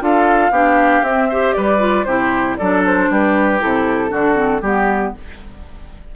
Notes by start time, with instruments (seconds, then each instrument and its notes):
0.00 bassoon D4, clarinet F4, oboe A4, flute F5
0.51 bassoon B3, clarinet D4, oboe G4
1.02 bassoon C4, clarinet C4, flute E5
1.29 clarinet G4, oboe C5
1.53 bassoon G3, oboe B4, flute D5
1.79 clarinet F4
2.04 bassoon C3, clarinet E4, oboe G4, flute C5
2.57 bassoon F#3, clarinet D4, oboe A4, flute D5
2.86 flute C5
3.10 bassoon G3, oboe G4, flute B4
3.59 bassoon C3, clarinet E4, flute A4
4.09 bassoon D3, clarinet D4, oboe F#4
4.35 clarinet C4
4.61 bassoon G3, clarinet B3, oboe G4, flute G4